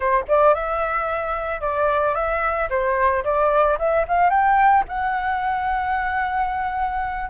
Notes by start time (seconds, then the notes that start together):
0.00 C5
0.28 D5
0.54 E5
1.60 D5
2.14 E5
2.69 C5
3.24 D5
3.78 E5
4.07 F5
4.30 G5
4.88 F#5